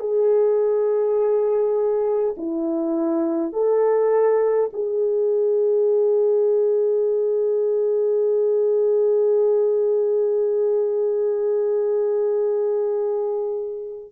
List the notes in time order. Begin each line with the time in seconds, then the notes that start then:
0.00 G#4
2.37 E4
3.53 A4
4.74 G#4